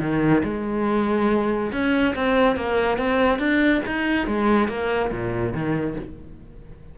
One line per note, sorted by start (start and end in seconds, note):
0.00 0.43 D#3
0.44 1.72 G#3
1.72 2.15 C#4
2.15 2.56 C4
2.56 2.98 A#3
2.98 3.39 C4
3.39 3.82 D4
3.86 4.27 D#4
4.27 4.68 G#3
4.68 5.11 A#3
5.12 5.54 A#2
5.54 5.96 D#3